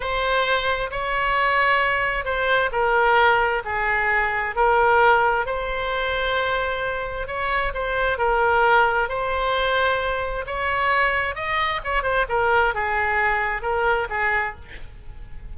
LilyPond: \new Staff \with { instrumentName = "oboe" } { \time 4/4 \tempo 4 = 132 c''2 cis''2~ | cis''4 c''4 ais'2 | gis'2 ais'2 | c''1 |
cis''4 c''4 ais'2 | c''2. cis''4~ | cis''4 dis''4 cis''8 c''8 ais'4 | gis'2 ais'4 gis'4 | }